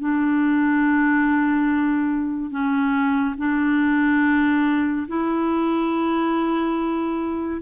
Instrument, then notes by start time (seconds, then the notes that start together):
clarinet
0.00 D4
2.51 C#4
3.38 D4
5.08 E4